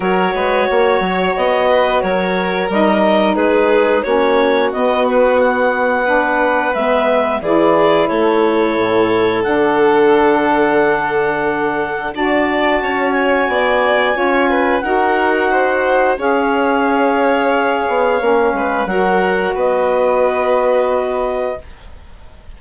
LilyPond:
<<
  \new Staff \with { instrumentName = "clarinet" } { \time 4/4 \tempo 4 = 89 cis''2 dis''4 cis''4 | dis''4 b'4 cis''4 dis''8 b'8 | fis''2 e''4 d''4 | cis''2 fis''2~ |
fis''2 a''4. gis''8~ | gis''2 fis''2 | f''1 | fis''4 dis''2. | }
  \new Staff \with { instrumentName = "violin" } { \time 4/4 ais'8 b'8 cis''4. b'8 ais'4~ | ais'4 gis'4 fis'2~ | fis'4 b'2 gis'4 | a'1~ |
a'2 d''4 cis''4 | d''4 cis''8 b'8 ais'4 c''4 | cis''2.~ cis''8 b'8 | ais'4 b'2. | }
  \new Staff \with { instrumentName = "saxophone" } { \time 4/4 fis'1 | dis'2 cis'4 b4~ | b4 d'4 b4 e'4~ | e'2 d'2~ |
d'2 fis'2~ | fis'4 f'4 fis'2 | gis'2. cis'4 | fis'1 | }
  \new Staff \with { instrumentName = "bassoon" } { \time 4/4 fis8 gis8 ais8 fis8 b4 fis4 | g4 gis4 ais4 b4~ | b2 gis4 e4 | a4 a,4 d2~ |
d2 d'4 cis'4 | b4 cis'4 dis'2 | cis'2~ cis'8 b8 ais8 gis8 | fis4 b2. | }
>>